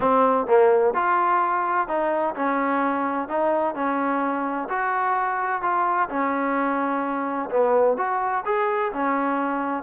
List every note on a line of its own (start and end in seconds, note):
0.00 0.47 C4
0.47 0.94 A#3
0.94 1.87 F4
1.88 2.35 D#4
2.35 3.28 C#4
3.28 3.74 D#4
3.74 4.68 C#4
4.69 5.62 F#4
5.62 6.09 F4
6.09 7.49 C#4
7.50 7.97 B3
7.97 8.44 F#4
8.45 8.91 G#4
8.93 9.83 C#4